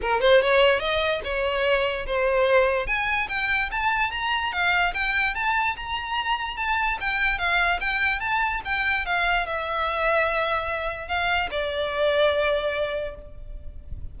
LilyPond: \new Staff \with { instrumentName = "violin" } { \time 4/4 \tempo 4 = 146 ais'8 c''8 cis''4 dis''4 cis''4~ | cis''4 c''2 gis''4 | g''4 a''4 ais''4 f''4 | g''4 a''4 ais''2 |
a''4 g''4 f''4 g''4 | a''4 g''4 f''4 e''4~ | e''2. f''4 | d''1 | }